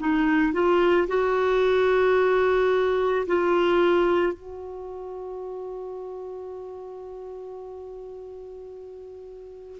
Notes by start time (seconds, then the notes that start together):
0.00 D#4
0.54 F4
1.08 F#4
3.27 F4
4.33 F#4